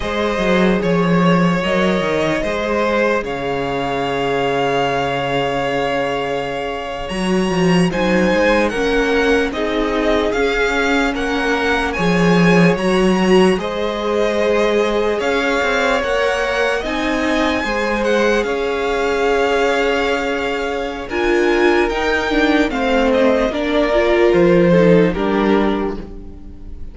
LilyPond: <<
  \new Staff \with { instrumentName = "violin" } { \time 4/4 \tempo 4 = 74 dis''4 cis''4 dis''2 | f''1~ | f''8. ais''4 gis''4 fis''4 dis''16~ | dis''8. f''4 fis''4 gis''4 ais''16~ |
ais''8. dis''2 f''4 fis''16~ | fis''8. gis''4. fis''8 f''4~ f''16~ | f''2 gis''4 g''4 | f''8 dis''8 d''4 c''4 ais'4 | }
  \new Staff \with { instrumentName = "violin" } { \time 4/4 c''4 cis''2 c''4 | cis''1~ | cis''4.~ cis''16 c''4 ais'4 gis'16~ | gis'4.~ gis'16 ais'4 cis''4~ cis''16~ |
cis''8. c''2 cis''4~ cis''16~ | cis''8. dis''4 c''4 cis''4~ cis''16~ | cis''2 ais'2 | c''4 ais'4. a'8 g'4 | }
  \new Staff \with { instrumentName = "viola" } { \time 4/4 gis'2 ais'4 gis'4~ | gis'1~ | gis'8. fis'4 dis'4 cis'4 dis'16~ | dis'8. cis'2 gis'4 fis'16~ |
fis'8. gis'2. ais'16~ | ais'8. dis'4 gis'2~ gis'16~ | gis'2 f'4 dis'8 d'8 | c'4 d'8 f'4 dis'8 d'4 | }
  \new Staff \with { instrumentName = "cello" } { \time 4/4 gis8 fis8 f4 fis8 dis8 gis4 | cis1~ | cis8. fis8 f8 fis8 gis8 ais4 c'16~ | c'8. cis'4 ais4 f4 fis16~ |
fis8. gis2 cis'8 c'8 ais16~ | ais8. c'4 gis4 cis'4~ cis'16~ | cis'2 d'4 dis'4 | a4 ais4 f4 g4 | }
>>